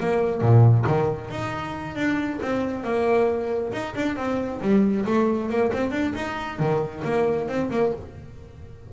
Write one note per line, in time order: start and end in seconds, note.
0.00 0.41 A#3
0.41 0.85 A#2
0.87 1.30 D#3
1.30 1.96 D#4
1.96 2.40 D4
2.42 2.84 C4
2.84 3.72 A#3
3.72 3.94 D#4
3.95 4.16 D4
4.16 4.60 C4
4.61 5.05 G3
5.05 5.49 A3
5.49 5.72 A#3
5.73 5.91 C4
5.91 6.13 D4
6.15 6.59 D#4
6.59 7.03 D#3
7.04 7.48 A#3
7.48 7.70 C4
7.70 7.93 A#3